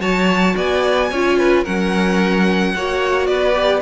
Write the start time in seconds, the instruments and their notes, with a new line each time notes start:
0.00 cello F#3, viola F#4, violin C#5 A5
0.55 cello B3, violin D5 G#5
1.10 cello C#4, viola F4, violin C#5
1.37 violin B4
1.63 cello F#3, viola C#4, violin A#4 F#5
2.74 cello A#3, viola F#4, violin C#5
3.26 cello B3, violin B4 D5
3.54 viola G4